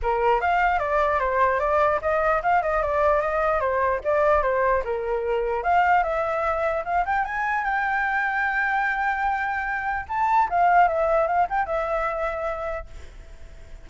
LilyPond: \new Staff \with { instrumentName = "flute" } { \time 4/4 \tempo 4 = 149 ais'4 f''4 d''4 c''4 | d''4 dis''4 f''8 dis''8 d''4 | dis''4 c''4 d''4 c''4 | ais'2 f''4 e''4~ |
e''4 f''8 g''8 gis''4 g''4~ | g''1~ | g''4 a''4 f''4 e''4 | f''8 g''8 e''2. | }